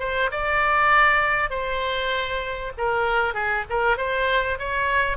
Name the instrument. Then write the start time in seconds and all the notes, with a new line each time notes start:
oboe
0.00 C5
0.32 D5
1.50 C5
2.78 A#4
3.34 G#4
3.70 A#4
3.97 C5
4.59 C#5